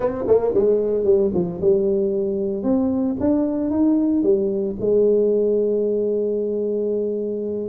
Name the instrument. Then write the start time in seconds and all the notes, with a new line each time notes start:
tuba
0.00 C4
0.27 A#3
0.54 G#3
1.04 G3
1.33 F3
1.61 G3
2.63 C4
3.20 D4
3.70 D#4
4.22 G3
4.80 G#3